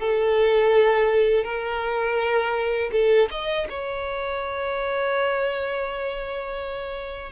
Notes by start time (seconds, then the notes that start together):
0.00 A4
1.44 A#4
2.92 A4
3.31 D#5
3.70 C#5